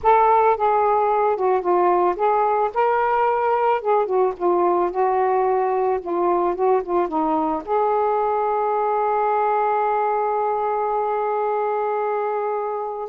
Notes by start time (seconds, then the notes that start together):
0.02 A4
0.57 G#4
1.36 F#4
1.61 F4
2.16 G#4
2.73 A#4
3.81 G#4
4.06 F#4
4.37 F4
4.90 F#4
6.00 F4
6.55 F#4
6.83 F4
7.08 D#4
7.65 G#4